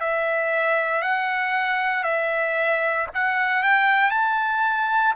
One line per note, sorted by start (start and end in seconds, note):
0.00 1.02 E5
1.02 2.04 F#5
2.04 3.07 E5
3.14 3.63 F#5
3.63 4.11 G5
4.11 5.14 A5